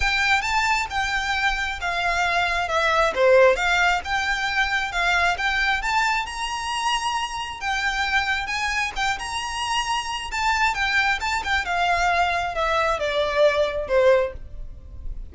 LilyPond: \new Staff \with { instrumentName = "violin" } { \time 4/4 \tempo 4 = 134 g''4 a''4 g''2 | f''2 e''4 c''4 | f''4 g''2 f''4 | g''4 a''4 ais''2~ |
ais''4 g''2 gis''4 | g''8 ais''2~ ais''8 a''4 | g''4 a''8 g''8 f''2 | e''4 d''2 c''4 | }